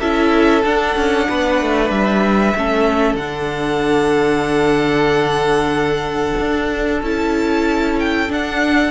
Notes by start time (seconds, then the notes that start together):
0.00 C#4 E4 A4 E5
0.63 D4 F#5
0.96 C#4
1.28 B3 B4
1.61 A3
1.90 G3 E5
2.56 A3 C#4 A4
3.15 D3 F#5
3.21 D4
6.40 D4
7.02 C#4 E4 A5
7.99 G5
8.29 D4 F#5